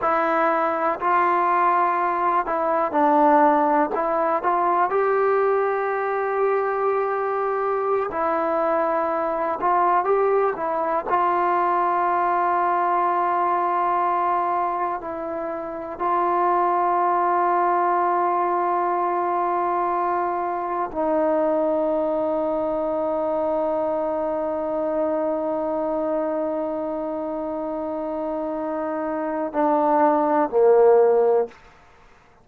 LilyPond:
\new Staff \with { instrumentName = "trombone" } { \time 4/4 \tempo 4 = 61 e'4 f'4. e'8 d'4 | e'8 f'8 g'2.~ | g'16 e'4. f'8 g'8 e'8 f'8.~ | f'2.~ f'16 e'8.~ |
e'16 f'2.~ f'8.~ | f'4~ f'16 dis'2~ dis'8.~ | dis'1~ | dis'2 d'4 ais4 | }